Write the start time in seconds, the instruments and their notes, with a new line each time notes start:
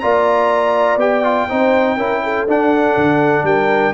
0.00 tuba A#3, trombone F4, horn D5, trumpet A#5
0.97 tuba B3, trombone G4, trumpet G5
1.24 trombone F4
1.49 tuba C4, trombone D#4, horn C5
1.97 tuba C#4, trombone E4, horn A#4
2.24 horn A4
2.48 tuba D4, trombone D4, trumpet F#5
2.97 tuba D3
3.43 tuba G3, horn A#4, trumpet G5